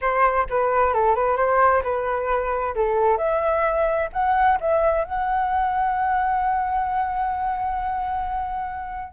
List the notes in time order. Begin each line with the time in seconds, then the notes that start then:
0.01 C5
0.49 B4
0.93 A4
1.15 B4
1.36 C5
1.83 B4
2.75 A4
3.17 E5
4.12 F#5
4.60 E5
5.04 F#5